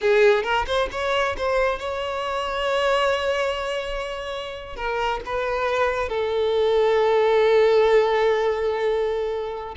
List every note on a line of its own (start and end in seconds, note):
0.01 0.43 G#4
0.43 0.65 A#4
0.66 0.88 C5
0.91 1.36 C#5
1.37 1.79 C5
1.79 4.76 C#5
4.76 5.20 A#4
5.25 6.08 B4
6.08 9.75 A4